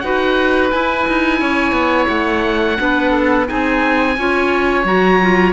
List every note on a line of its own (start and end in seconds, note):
0.00 0.73 D#4
0.00 0.73 F#4
0.00 1.41 B4
0.00 0.69 F#5
0.71 1.08 E4
0.71 2.78 E4
0.71 2.09 G#5
1.08 1.41 D#4
1.41 1.73 C#4
1.41 2.78 C#5
1.73 2.07 B3
2.09 2.78 A3
2.09 3.47 F#5
2.78 3.50 B3
2.78 3.46 D4
2.78 3.11 B4
3.11 3.46 A4
3.46 4.18 C4
3.46 4.15 D#4
3.46 4.19 G#4
3.46 4.86 G#5
4.18 4.85 C#4
4.18 4.85 F4
4.18 5.53 C#5
4.85 5.53 F#3
4.85 5.20 F#4
4.85 5.53 A#5
5.22 5.53 F4